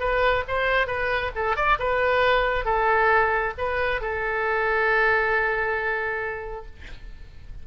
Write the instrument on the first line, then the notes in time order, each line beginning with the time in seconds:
oboe
0.00 B4
0.48 C5
0.87 B4
1.36 A4
1.57 D5
1.79 B4
2.65 A4
3.58 B4
4.01 A4